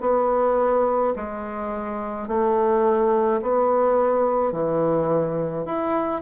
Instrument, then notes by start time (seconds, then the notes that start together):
bassoon
0.00 B3
1.16 G#3
2.27 A3
3.41 B3
4.52 E3
5.65 E4